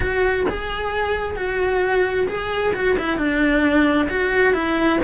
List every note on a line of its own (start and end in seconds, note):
0.00 0.45 F#4
0.49 1.36 G#4
1.36 2.27 F#4
2.27 2.73 G#4
2.74 2.96 F#4
2.98 3.17 E4
3.17 4.08 D4
4.09 4.53 F#4
4.53 4.99 E4